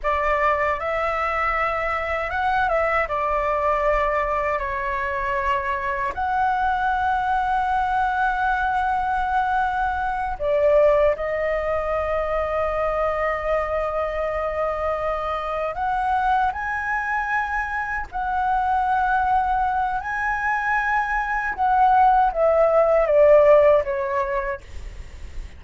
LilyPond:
\new Staff \with { instrumentName = "flute" } { \time 4/4 \tempo 4 = 78 d''4 e''2 fis''8 e''8 | d''2 cis''2 | fis''1~ | fis''4. d''4 dis''4.~ |
dis''1~ | dis''8 fis''4 gis''2 fis''8~ | fis''2 gis''2 | fis''4 e''4 d''4 cis''4 | }